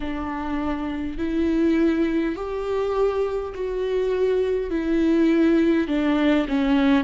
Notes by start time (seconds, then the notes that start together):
0.00 D4
1.18 E4
2.35 G4
3.54 F#4
4.70 E4
5.87 D4
6.48 C#4